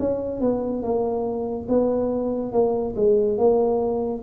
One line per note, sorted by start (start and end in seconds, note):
0.00 0.41 C#4
0.41 0.83 B3
0.83 1.67 A#3
1.69 2.53 B3
2.53 2.95 A#3
2.96 3.38 G#3
3.38 4.23 A#3